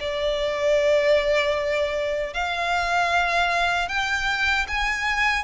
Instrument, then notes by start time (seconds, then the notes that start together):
violin
0.00 D5
2.33 F5
3.88 G5
4.68 G#5